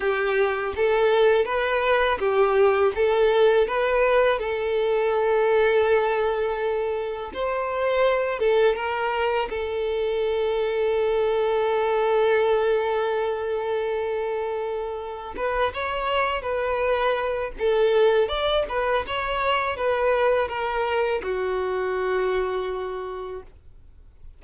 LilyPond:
\new Staff \with { instrumentName = "violin" } { \time 4/4 \tempo 4 = 82 g'4 a'4 b'4 g'4 | a'4 b'4 a'2~ | a'2 c''4. a'8 | ais'4 a'2.~ |
a'1~ | a'4 b'8 cis''4 b'4. | a'4 d''8 b'8 cis''4 b'4 | ais'4 fis'2. | }